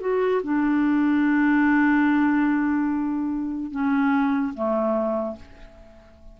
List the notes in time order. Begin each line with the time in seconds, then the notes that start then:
0.00 F#4
0.43 D4
3.71 C#4
4.54 A3